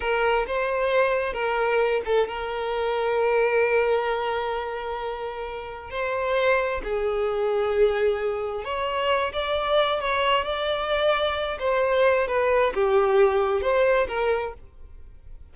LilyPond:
\new Staff \with { instrumentName = "violin" } { \time 4/4 \tempo 4 = 132 ais'4 c''2 ais'4~ | ais'8 a'8 ais'2.~ | ais'1~ | ais'4 c''2 gis'4~ |
gis'2. cis''4~ | cis''8 d''4. cis''4 d''4~ | d''4. c''4. b'4 | g'2 c''4 ais'4 | }